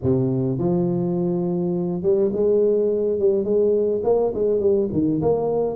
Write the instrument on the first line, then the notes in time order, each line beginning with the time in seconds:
tuba
0.02 C3
0.58 F3
2.02 G3
2.32 G#3
3.19 G3
3.44 G#3
4.03 A#3
4.34 G#3
4.60 G3
4.92 D#3
5.21 A#3